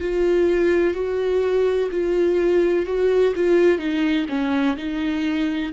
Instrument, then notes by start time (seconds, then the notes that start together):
viola
0.00 F4
0.94 F#4
1.91 F4
2.86 F#4
3.35 F4
3.78 D#4
4.29 C#4
4.77 D#4